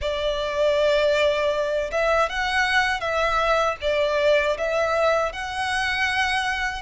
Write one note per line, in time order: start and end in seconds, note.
0.01 1.91 D5
1.91 2.29 E5
2.29 3.00 F#5
3.00 3.76 E5
3.81 4.57 D5
4.57 5.32 E5
5.32 6.81 F#5